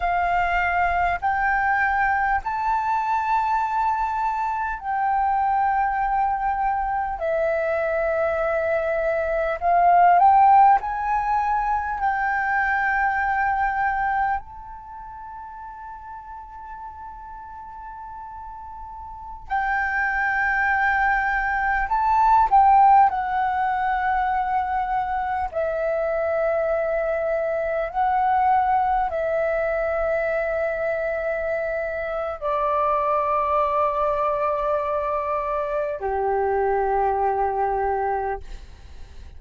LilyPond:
\new Staff \with { instrumentName = "flute" } { \time 4/4 \tempo 4 = 50 f''4 g''4 a''2 | g''2 e''2 | f''8 g''8 gis''4 g''2 | a''1~ |
a''16 g''2 a''8 g''8 fis''8.~ | fis''4~ fis''16 e''2 fis''8.~ | fis''16 e''2~ e''8. d''4~ | d''2 g'2 | }